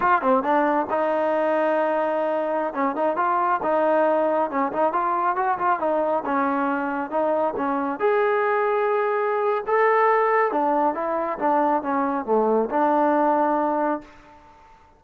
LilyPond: \new Staff \with { instrumentName = "trombone" } { \time 4/4 \tempo 4 = 137 f'8 c'8 d'4 dis'2~ | dis'2~ dis'16 cis'8 dis'8 f'8.~ | f'16 dis'2 cis'8 dis'8 f'8.~ | f'16 fis'8 f'8 dis'4 cis'4.~ cis'16~ |
cis'16 dis'4 cis'4 gis'4.~ gis'16~ | gis'2 a'2 | d'4 e'4 d'4 cis'4 | a4 d'2. | }